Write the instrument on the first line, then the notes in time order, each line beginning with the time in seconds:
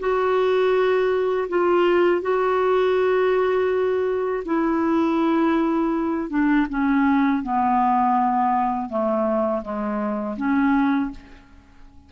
clarinet
0.00 F#4
1.49 F4
2.22 F#4
4.46 E4
6.30 D4
6.70 C#4
7.43 B3
8.90 A3
9.62 G#3
10.37 C#4